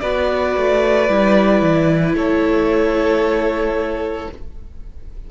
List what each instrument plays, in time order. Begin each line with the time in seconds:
0.00 cello B3, viola F#4, violin B4 D5
0.57 cello A3
1.08 cello G3, viola E4
1.62 cello E3
2.13 cello A3, violin A4 C#5